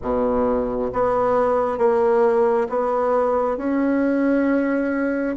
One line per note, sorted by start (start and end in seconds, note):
0.02 0.91 B2
0.92 1.77 B3
1.77 2.67 A#3
2.69 3.57 B3
3.57 5.36 C#4